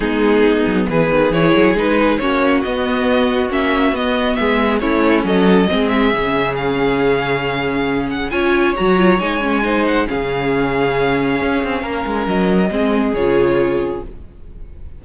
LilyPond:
<<
  \new Staff \with { instrumentName = "violin" } { \time 4/4 \tempo 4 = 137 gis'2 b'4 cis''4 | b'4 cis''4 dis''2 | e''4 dis''4 e''4 cis''4 | dis''4. e''4. f''4~ |
f''2~ f''8 fis''8 gis''4 | ais''4 gis''4. fis''8 f''4~ | f''1 | dis''2 cis''2 | }
  \new Staff \with { instrumentName = "violin" } { \time 4/4 dis'2 gis'2~ | gis'4 fis'2.~ | fis'2 gis'4 e'4 | a'4 gis'2.~ |
gis'2. cis''4~ | cis''2 c''4 gis'4~ | gis'2. ais'4~ | ais'4 gis'2. | }
  \new Staff \with { instrumentName = "viola" } { \time 4/4 b2. e'4 | dis'4 cis'4 b2 | cis'4 b2 cis'4~ | cis'4 c'4 cis'2~ |
cis'2. f'4 | fis'8 f'8 dis'8 cis'8 dis'4 cis'4~ | cis'1~ | cis'4 c'4 f'2 | }
  \new Staff \with { instrumentName = "cello" } { \time 4/4 gis4. fis8 e8 dis8 e8 fis8 | gis4 ais4 b2 | ais4 b4 gis4 a4 | fis4 gis4 cis2~ |
cis2. cis'4 | fis4 gis2 cis4~ | cis2 cis'8 c'8 ais8 gis8 | fis4 gis4 cis2 | }
>>